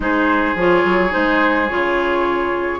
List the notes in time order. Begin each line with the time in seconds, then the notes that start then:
0.00 G#3 D#4 G#4 C5
0.55 F3 F4 C#5
0.84 F#3
1.10 G#3 D#4 C5
1.68 C#3 F4 C#5